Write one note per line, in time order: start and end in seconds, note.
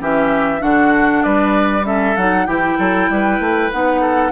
0.00 0.61 E3
0.00 0.59 C#4
0.00 0.61 G4
0.00 0.62 E5
0.59 1.23 D3
0.59 1.82 D4
0.59 1.23 F#4
0.59 1.23 F#5
1.23 2.16 G3
1.23 1.86 B4
1.23 1.85 D5
1.83 2.14 C#4
1.83 2.46 A4
1.83 2.16 E5
2.16 2.47 F#3
2.16 2.46 D#4
2.16 2.46 F#5
2.46 2.78 E3
2.46 3.70 E4
2.46 2.77 G4
2.46 3.70 G5
2.78 3.09 F#3
2.78 3.09 A4
3.09 3.39 G3
3.09 4.01 B4
3.39 3.70 A3
3.71 4.31 B3
3.71 4.31 D#4
3.71 4.31 F#5
4.01 4.31 A4